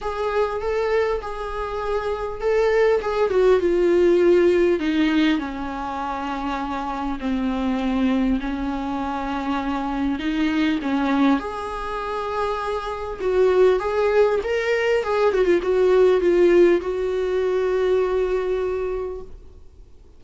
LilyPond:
\new Staff \with { instrumentName = "viola" } { \time 4/4 \tempo 4 = 100 gis'4 a'4 gis'2 | a'4 gis'8 fis'8 f'2 | dis'4 cis'2. | c'2 cis'2~ |
cis'4 dis'4 cis'4 gis'4~ | gis'2 fis'4 gis'4 | ais'4 gis'8 fis'16 f'16 fis'4 f'4 | fis'1 | }